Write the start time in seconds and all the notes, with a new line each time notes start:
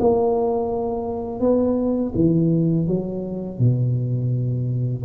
0.00 A#3
1.40 B3
2.15 E3
2.87 F#3
3.58 B2